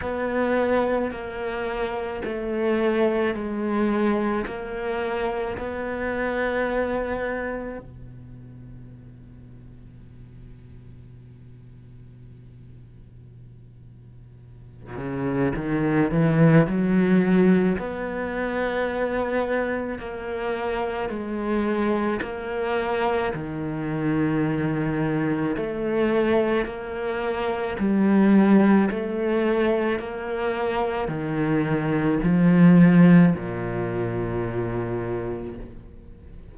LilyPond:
\new Staff \with { instrumentName = "cello" } { \time 4/4 \tempo 4 = 54 b4 ais4 a4 gis4 | ais4 b2 b,4~ | b,1~ | b,4. cis8 dis8 e8 fis4 |
b2 ais4 gis4 | ais4 dis2 a4 | ais4 g4 a4 ais4 | dis4 f4 ais,2 | }